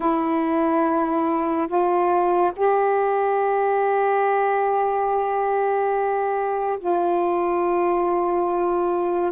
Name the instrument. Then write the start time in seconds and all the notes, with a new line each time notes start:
saxophone
0.00 E4
1.67 F4
2.55 G4
6.79 F4